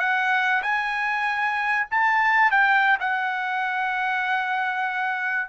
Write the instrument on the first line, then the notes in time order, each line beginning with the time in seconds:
trumpet
0.00 F#5
0.63 G#5
1.91 A5
2.52 G5
3.01 F#5